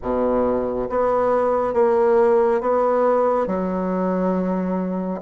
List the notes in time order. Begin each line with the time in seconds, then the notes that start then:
0.02 B2
0.89 B3
1.74 A#3
2.60 B3
3.46 F#3